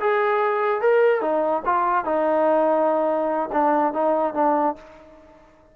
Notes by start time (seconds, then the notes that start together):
0.00 G#4
0.81 A#4
1.21 D#4
1.65 F4
2.05 D#4
3.52 D4
3.93 D#4
4.34 D4